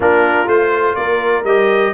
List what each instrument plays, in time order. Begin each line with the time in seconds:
0.00 tuba A#3, trombone D4, horn F4, trumpet A#4
0.47 tuba A3, trombone F4, trumpet C5
0.95 tuba A#3, horn A#4, trumpet D5
1.43 tuba G3, trombone G4, trumpet D#5